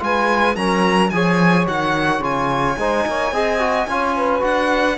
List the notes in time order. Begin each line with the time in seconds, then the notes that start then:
0.00 G#3 F4 B4 G#5
0.56 F#3 C#4 A#4 A#5
1.10 F3 G#4 C#5 G#5
1.68 D#3 F#4 F#5
2.20 C#3 F4 G#5
2.78 G#3 D#4 C5
3.07 A#3 C#5
3.32 C4 G#4 D#5
3.60 F#4
3.88 C#4 F4 C#5
4.16 B4
4.40 D4 F#4 F#5